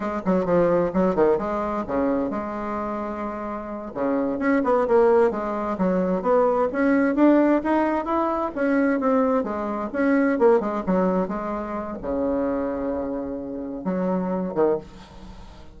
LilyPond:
\new Staff \with { instrumentName = "bassoon" } { \time 4/4 \tempo 4 = 130 gis8 fis8 f4 fis8 dis8 gis4 | cis4 gis2.~ | gis8 cis4 cis'8 b8 ais4 gis8~ | gis8 fis4 b4 cis'4 d'8~ |
d'8 dis'4 e'4 cis'4 c'8~ | c'8 gis4 cis'4 ais8 gis8 fis8~ | fis8 gis4. cis2~ | cis2 fis4. dis8 | }